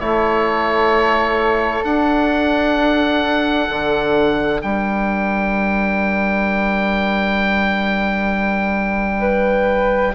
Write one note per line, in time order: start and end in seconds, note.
0.00 1.84 A3
0.00 1.84 E4
0.00 4.63 A4
0.00 1.84 C#5
1.84 3.69 D4
1.84 10.15 D4
1.84 4.61 F#5
3.69 4.62 D3
4.62 10.15 G3
4.62 9.20 A#4
4.62 10.15 G5
9.20 10.12 B4